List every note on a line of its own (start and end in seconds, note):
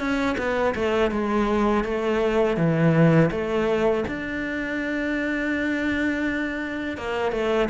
0.00 0.37 C#4
0.38 0.75 B3
0.76 1.11 A3
1.11 1.85 G#3
1.85 2.57 A3
2.57 3.31 E3
3.32 4.05 A3
4.08 6.98 D4
6.98 7.32 A#3
7.32 7.69 A3